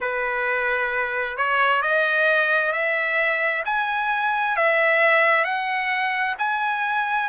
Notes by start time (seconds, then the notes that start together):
0.00 B4
1.37 C#5
1.81 D#5
2.72 E5
3.65 G#5
4.56 E5
5.44 F#5
6.38 G#5